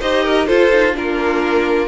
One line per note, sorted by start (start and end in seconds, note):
0.00 0.49 D#4
0.00 0.47 G4
0.00 0.23 C5
0.00 0.46 D#5
0.23 0.46 A#4
0.46 0.70 F4
0.46 0.97 F4
0.46 0.93 A4
0.46 0.93 C5
0.72 0.93 D#4
0.93 1.87 A#3
0.93 1.87 D4
0.93 1.87 F4
0.93 1.87 A#4